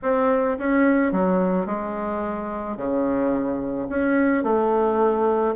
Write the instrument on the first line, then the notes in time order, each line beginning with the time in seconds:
bassoon
0.02 C4
0.58 C#4
1.12 F#3
1.66 G#3
2.76 C#3
3.89 C#4
4.43 A3